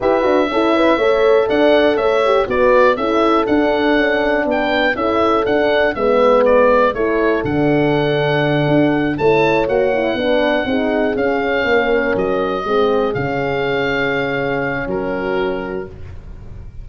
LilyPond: <<
  \new Staff \with { instrumentName = "oboe" } { \time 4/4 \tempo 4 = 121 e''2. fis''4 | e''4 d''4 e''4 fis''4~ | fis''4 g''4 e''4 fis''4 | e''4 d''4 cis''4 fis''4~ |
fis''2~ fis''8 a''4 fis''8~ | fis''2~ fis''8 f''4.~ | f''8 dis''2 f''4.~ | f''2 ais'2 | }
  \new Staff \with { instrumentName = "horn" } { \time 4/4 b'4 a'8 b'8 cis''4 d''4 | cis''4 b'4 a'2~ | a'4 b'4 a'2 | b'2 a'2~ |
a'2~ a'8 cis''4.~ | cis''8 b'4 gis'2 ais'8~ | ais'4. gis'2~ gis'8~ | gis'2 fis'2 | }
  \new Staff \with { instrumentName = "horn" } { \time 4/4 g'8 fis'8 e'4 a'2~ | a'8 g'8 fis'4 e'4 d'4~ | d'2 e'4 d'4 | b2 e'4 d'4~ |
d'2~ d'8 e'4 fis'8 | e'8 d'4 dis'4 cis'4.~ | cis'4. c'4 cis'4.~ | cis'1 | }
  \new Staff \with { instrumentName = "tuba" } { \time 4/4 e'8 d'8 cis'4 a4 d'4 | a4 b4 cis'4 d'4 | cis'4 b4 cis'4 d'4 | gis2 a4 d4~ |
d4. d'4 a4 ais8~ | ais8 b4 c'4 cis'4 ais8~ | ais8 fis4 gis4 cis4.~ | cis2 fis2 | }
>>